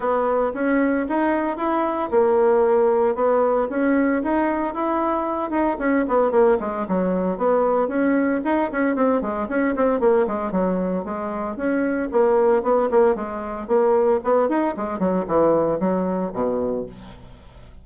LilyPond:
\new Staff \with { instrumentName = "bassoon" } { \time 4/4 \tempo 4 = 114 b4 cis'4 dis'4 e'4 | ais2 b4 cis'4 | dis'4 e'4. dis'8 cis'8 b8 | ais8 gis8 fis4 b4 cis'4 |
dis'8 cis'8 c'8 gis8 cis'8 c'8 ais8 gis8 | fis4 gis4 cis'4 ais4 | b8 ais8 gis4 ais4 b8 dis'8 | gis8 fis8 e4 fis4 b,4 | }